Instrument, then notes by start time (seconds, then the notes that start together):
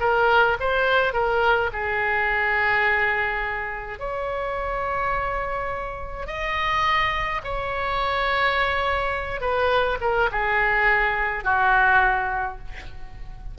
oboe
0.00 A#4
0.60 C5
1.14 A#4
1.73 G#4
3.99 C#5
6.27 D#5
7.44 C#5
9.41 B4
10.01 A#4
10.32 G#4
11.44 F#4